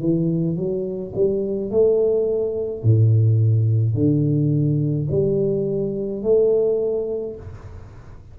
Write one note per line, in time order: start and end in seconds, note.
0.00 0.56 E3
0.56 1.13 F#3
1.15 1.71 G3
1.71 2.83 A3
2.83 3.95 A2
3.95 5.07 D3
5.10 6.23 G3
6.23 7.36 A3